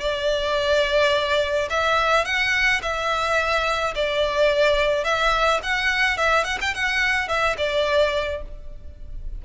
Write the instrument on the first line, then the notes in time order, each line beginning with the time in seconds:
violin
0.00 D5
1.69 E5
2.25 F#5
2.82 E5
3.95 D5
5.04 E5
5.63 F#5
6.17 E5
6.44 F#5
6.61 G5
6.74 F#5
7.28 E5
7.57 D5